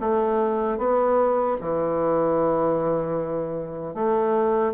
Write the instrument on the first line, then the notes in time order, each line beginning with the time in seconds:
bassoon
0.00 A3
0.78 B3
1.61 E3
3.94 A3